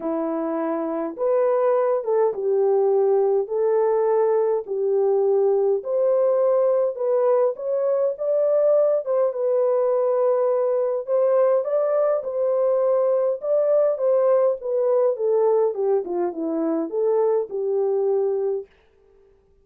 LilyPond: \new Staff \with { instrumentName = "horn" } { \time 4/4 \tempo 4 = 103 e'2 b'4. a'8 | g'2 a'2 | g'2 c''2 | b'4 cis''4 d''4. c''8 |
b'2. c''4 | d''4 c''2 d''4 | c''4 b'4 a'4 g'8 f'8 | e'4 a'4 g'2 | }